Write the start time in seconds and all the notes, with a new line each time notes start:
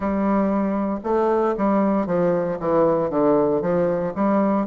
0.00 G3
1.03 A3
1.57 G3
2.06 F3
2.59 E3
3.09 D3
3.61 F3
4.15 G3